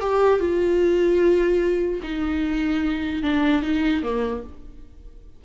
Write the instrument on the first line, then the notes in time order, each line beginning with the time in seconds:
viola
0.00 G4
0.39 F4
2.03 D#4
3.23 D4
3.62 D#4
4.02 A#3